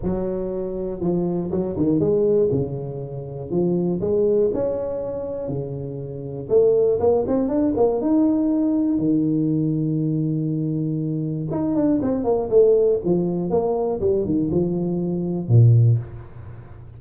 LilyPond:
\new Staff \with { instrumentName = "tuba" } { \time 4/4 \tempo 4 = 120 fis2 f4 fis8 dis8 | gis4 cis2 f4 | gis4 cis'2 cis4~ | cis4 a4 ais8 c'8 d'8 ais8 |
dis'2 dis2~ | dis2. dis'8 d'8 | c'8 ais8 a4 f4 ais4 | g8 dis8 f2 ais,4 | }